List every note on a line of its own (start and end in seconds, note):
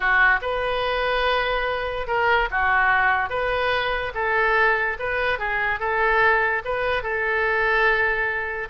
0.00 0.39 F#4
0.41 2.07 B4
2.07 2.48 A#4
2.50 3.29 F#4
3.29 4.12 B4
4.14 4.97 A4
4.99 5.38 B4
5.38 5.79 G#4
5.79 6.62 A4
6.64 7.03 B4
7.03 8.68 A4